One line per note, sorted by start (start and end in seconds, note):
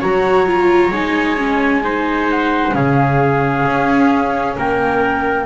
0.00 0.91 F#3
0.00 0.47 F#4
0.00 1.82 C#5
0.00 0.93 A#5
0.47 0.92 F4
0.91 2.73 G#3
0.91 1.37 D#4
0.91 2.31 G#5
1.37 1.83 C#4
1.84 2.72 D#4
1.84 2.75 C5
2.31 2.74 F#5
2.72 3.66 C#3
2.72 5.45 C#4
2.72 4.57 G#4
2.72 4.56 F5
3.66 4.57 C#4
4.58 5.46 A#3
4.58 5.46 A#4
4.58 5.46 G5